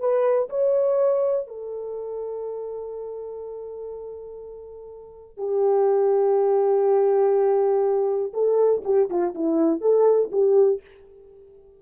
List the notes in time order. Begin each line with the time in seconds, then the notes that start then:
0.00 B4
0.50 C#5
1.48 A4
5.37 G4
8.33 A4
8.85 G4
9.10 F4
9.35 E4
9.81 A4
10.32 G4